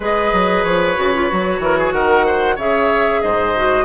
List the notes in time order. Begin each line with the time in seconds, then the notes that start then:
0.00 G#3 G#4 B4 D#5
0.33 F#3
0.63 F3 C#5
0.96 C#3 F#4
1.14 F4
1.29 F#3 F#4
1.59 E3 A#4
1.78 G#4
1.92 D#3 A#4 F#5
2.26 C5
2.55 C#3 G#4 C#5 E5
3.21 G#2 C5 D#5
3.56 F#4